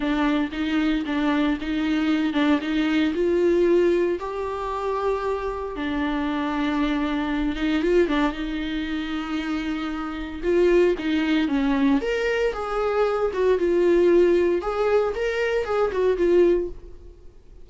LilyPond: \new Staff \with { instrumentName = "viola" } { \time 4/4 \tempo 4 = 115 d'4 dis'4 d'4 dis'4~ | dis'8 d'8 dis'4 f'2 | g'2. d'4~ | d'2~ d'8 dis'8 f'8 d'8 |
dis'1 | f'4 dis'4 cis'4 ais'4 | gis'4. fis'8 f'2 | gis'4 ais'4 gis'8 fis'8 f'4 | }